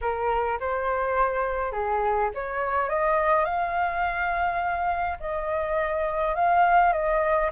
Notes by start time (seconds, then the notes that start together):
0.01 A#4
0.60 C5
1.72 G#4
2.34 C#5
2.89 D#5
3.45 F5
5.19 D#5
6.35 F5
6.92 D#5